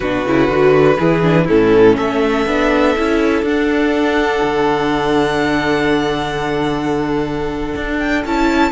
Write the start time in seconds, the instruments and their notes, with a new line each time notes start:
0.00 cello B2, viola D4, violin F#4 B4
0.25 cello C#3, viola E4
0.47 cello D3, viola F#4
0.99 cello E3, viola E4, violin G#4
1.21 viola D4
1.45 cello A2, viola C#4, violin E4 A4
1.96 cello A3, violin A4 E5
2.46 cello B3, viola D4
2.96 cello C#4, viola E4
3.42 cello D4, viola D4, violin F#5
4.42 cello D3
7.75 cello D4
7.98 violin G5
8.25 cello C#4, viola E4, violin A5